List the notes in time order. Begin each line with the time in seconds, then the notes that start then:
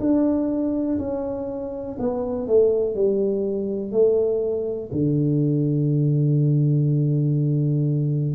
0.00 D4
0.99 C#4
1.99 B3
2.47 A3
2.95 G3
3.92 A3
4.92 D3